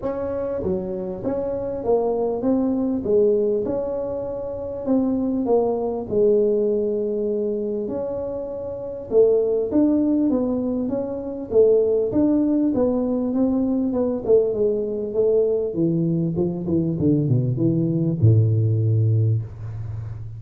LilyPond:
\new Staff \with { instrumentName = "tuba" } { \time 4/4 \tempo 4 = 99 cis'4 fis4 cis'4 ais4 | c'4 gis4 cis'2 | c'4 ais4 gis2~ | gis4 cis'2 a4 |
d'4 b4 cis'4 a4 | d'4 b4 c'4 b8 a8 | gis4 a4 e4 f8 e8 | d8 b,8 e4 a,2 | }